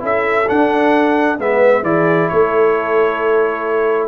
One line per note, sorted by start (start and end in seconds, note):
0.00 0.49 C#4
0.00 0.45 E4
0.00 1.40 A4
0.00 0.49 E5
0.48 1.39 D4
0.48 1.40 F#5
1.39 1.83 G#3
1.39 1.84 B3
1.39 1.86 B4
1.39 1.84 E5
1.83 2.28 E3
1.83 4.08 E4
1.83 2.31 G#4
1.83 2.29 D5
2.29 4.08 A3
2.29 4.08 A4
2.29 4.08 C#5